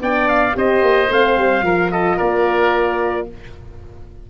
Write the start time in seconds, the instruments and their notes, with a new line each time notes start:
0.00 tuba B3, horn D4, oboe D5, trumpet G5
0.28 trumpet F5
0.53 tuba C4, horn G4, oboe C5, trumpet D#5
0.82 tuba A#3
1.10 tuba A3, horn C4, trumpet F5
1.37 tuba G3
1.62 tuba F3, horn F4, oboe A#4
1.91 oboe A4, trumpet D#5
2.16 tuba A#3, oboe A#4, trumpet D5